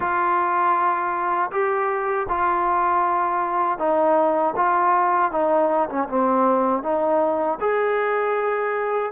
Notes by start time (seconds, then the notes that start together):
0.00 F4
1.51 G4
2.29 F4
3.78 D#4
4.56 F4
5.31 D#4
5.89 C#4
6.09 C4
6.82 D#4
7.60 G#4